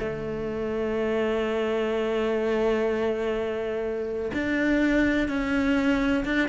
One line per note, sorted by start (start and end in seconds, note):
0.00 4.32 A3
4.34 5.29 D4
5.29 6.25 C#4
6.25 6.49 D4